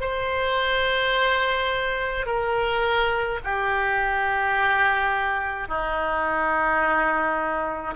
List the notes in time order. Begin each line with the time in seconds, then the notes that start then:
0.00 C5
2.25 A#4
3.44 G4
5.68 D#4